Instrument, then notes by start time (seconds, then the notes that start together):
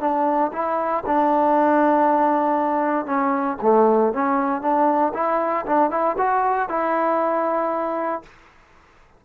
trombone
0.00 D4
0.52 E4
1.06 D4
3.06 C#4
3.62 A3
4.13 C#4
4.61 D4
5.14 E4
5.66 D4
5.91 E4
6.18 F#4
6.69 E4